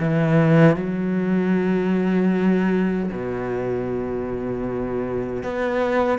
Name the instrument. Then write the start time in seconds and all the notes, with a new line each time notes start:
cello
0.00 E3
0.76 F#3
3.12 B2
5.43 B3